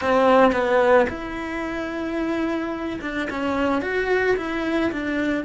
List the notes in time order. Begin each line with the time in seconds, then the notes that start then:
0.01 C4
0.52 B3
1.09 E4
3.01 D4
3.30 C#4
3.81 F#4
4.36 E4
4.91 D4